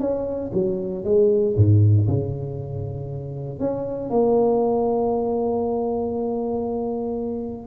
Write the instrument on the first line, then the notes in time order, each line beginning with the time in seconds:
tuba
0.00 C#4
0.54 F#3
1.05 G#3
1.56 G#2
2.08 C#3
3.60 C#4
4.10 A#3